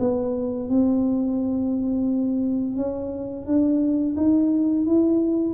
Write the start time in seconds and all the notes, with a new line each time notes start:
0.00 B3
0.69 C4
2.77 C#4
3.46 D4
4.17 D#4
4.86 E4